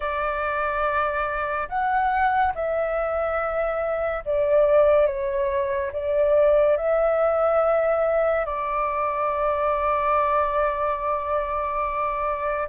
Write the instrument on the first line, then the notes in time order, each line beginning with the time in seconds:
flute
0.00 D5
1.69 F#5
2.54 E5
4.25 D5
5.06 C#5
5.92 D5
6.76 E5
8.45 D5